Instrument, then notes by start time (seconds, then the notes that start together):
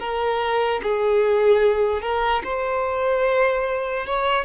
violin
0.00 A#4
0.83 G#4
2.02 A#4
2.44 C5
4.06 C#5